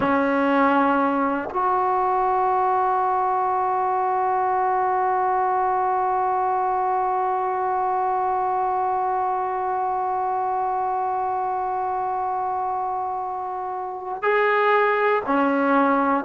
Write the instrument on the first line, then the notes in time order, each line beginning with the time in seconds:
trombone
0.00 C#4
1.50 F#4
14.22 G#4
15.25 C#4